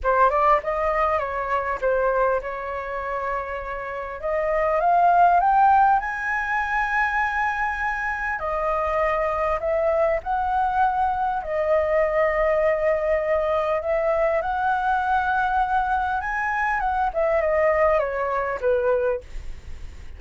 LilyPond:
\new Staff \with { instrumentName = "flute" } { \time 4/4 \tempo 4 = 100 c''8 d''8 dis''4 cis''4 c''4 | cis''2. dis''4 | f''4 g''4 gis''2~ | gis''2 dis''2 |
e''4 fis''2 dis''4~ | dis''2. e''4 | fis''2. gis''4 | fis''8 e''8 dis''4 cis''4 b'4 | }